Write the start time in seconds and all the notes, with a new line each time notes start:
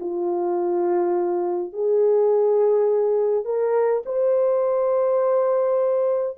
0.00 F4
1.73 G#4
3.45 A#4
4.05 C5